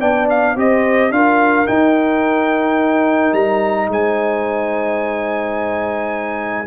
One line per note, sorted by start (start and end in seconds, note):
0.00 0.56 B3
0.00 0.56 D4
0.00 0.56 D5
0.00 0.28 G5
0.30 0.58 F5
0.56 1.11 C4
0.56 1.12 G4
0.56 1.14 C5
0.56 1.12 D#5
1.11 1.67 D4
1.11 1.66 F4
1.11 3.91 A#4
1.11 1.67 F5
1.66 6.66 D#4
1.66 3.33 D#4
1.66 3.34 G5
3.33 3.89 G3
3.33 3.89 A#5
3.89 6.66 G#3
3.89 6.67 C5
3.89 6.67 G#5